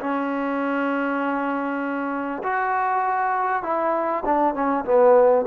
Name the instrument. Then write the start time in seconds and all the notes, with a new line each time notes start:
trombone
0.00 C#4
2.43 F#4
3.63 E4
4.25 D4
4.54 C#4
4.85 B3